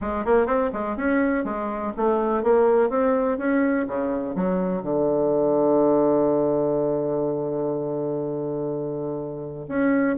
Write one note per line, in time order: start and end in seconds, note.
0.01 0.25 G#3
0.25 0.46 A#3
0.46 0.70 C4
0.72 0.97 G#3
0.97 1.44 C#4
1.44 1.92 G#3
1.96 2.43 A3
2.43 2.89 A#3
2.89 3.38 C4
3.38 3.86 C#4
3.87 4.35 C#3
4.35 4.82 F#3
4.82 9.66 D3
9.68 10.17 C#4